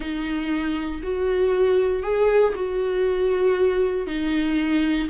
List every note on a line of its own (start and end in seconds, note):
0.00 1.01 D#4
1.03 2.02 F#4
2.02 2.53 G#4
2.55 4.06 F#4
4.06 5.08 D#4